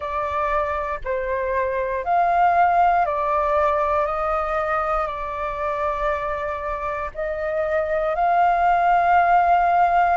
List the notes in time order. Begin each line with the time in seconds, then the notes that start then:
0.00 D5
1.04 C5
2.04 F5
3.05 D5
4.06 D#5
5.07 D5
7.14 D#5
8.15 F5